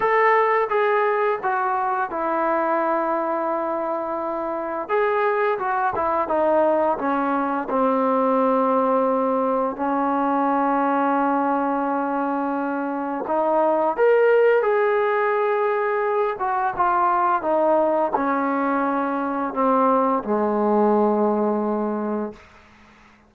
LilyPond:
\new Staff \with { instrumentName = "trombone" } { \time 4/4 \tempo 4 = 86 a'4 gis'4 fis'4 e'4~ | e'2. gis'4 | fis'8 e'8 dis'4 cis'4 c'4~ | c'2 cis'2~ |
cis'2. dis'4 | ais'4 gis'2~ gis'8 fis'8 | f'4 dis'4 cis'2 | c'4 gis2. | }